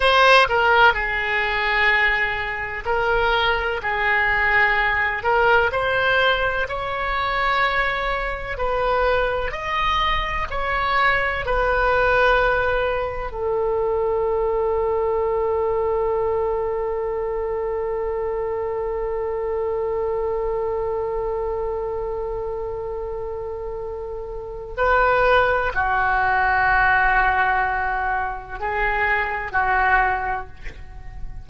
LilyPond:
\new Staff \with { instrumentName = "oboe" } { \time 4/4 \tempo 4 = 63 c''8 ais'8 gis'2 ais'4 | gis'4. ais'8 c''4 cis''4~ | cis''4 b'4 dis''4 cis''4 | b'2 a'2~ |
a'1~ | a'1~ | a'2 b'4 fis'4~ | fis'2 gis'4 fis'4 | }